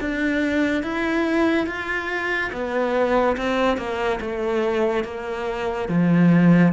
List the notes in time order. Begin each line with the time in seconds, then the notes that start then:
0.00 D4
0.83 E4
1.66 F4
2.52 B3
3.37 C4
3.77 A#3
4.20 A3
5.04 A#3
5.88 F3